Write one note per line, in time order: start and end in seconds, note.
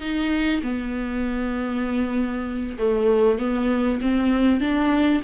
0.00 0.61 D#4
0.63 2.77 B3
2.78 3.39 A3
3.39 4.00 B3
4.01 4.60 C4
4.60 5.22 D4